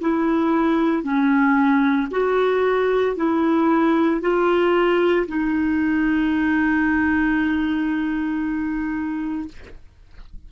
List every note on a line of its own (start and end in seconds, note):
0.00 1.02 E4
1.02 2.08 C#4
2.11 3.16 F#4
3.16 4.21 E4
4.21 5.26 F4
5.27 9.48 D#4